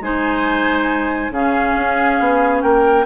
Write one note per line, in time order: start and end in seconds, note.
0.00 1.30 G#3
0.00 1.32 D#4
0.00 1.33 C5
0.00 1.33 G#5
1.31 1.74 C#3
1.31 3.06 C#4
1.31 2.63 G#4
1.31 2.62 F5
1.77 2.20 C#4
2.20 2.63 B3
2.62 3.06 A#3
2.62 3.06 A#4
2.62 3.05 G5